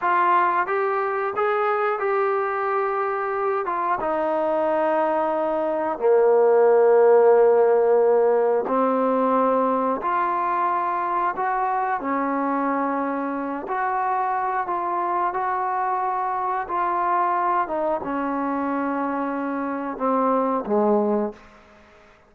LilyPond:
\new Staff \with { instrumentName = "trombone" } { \time 4/4 \tempo 4 = 90 f'4 g'4 gis'4 g'4~ | g'4. f'8 dis'2~ | dis'4 ais2.~ | ais4 c'2 f'4~ |
f'4 fis'4 cis'2~ | cis'8 fis'4. f'4 fis'4~ | fis'4 f'4. dis'8 cis'4~ | cis'2 c'4 gis4 | }